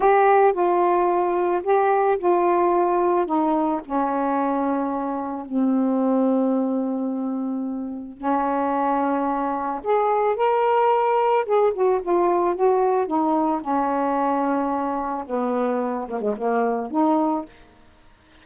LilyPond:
\new Staff \with { instrumentName = "saxophone" } { \time 4/4 \tempo 4 = 110 g'4 f'2 g'4 | f'2 dis'4 cis'4~ | cis'2 c'2~ | c'2. cis'4~ |
cis'2 gis'4 ais'4~ | ais'4 gis'8 fis'8 f'4 fis'4 | dis'4 cis'2. | b4. ais16 gis16 ais4 dis'4 | }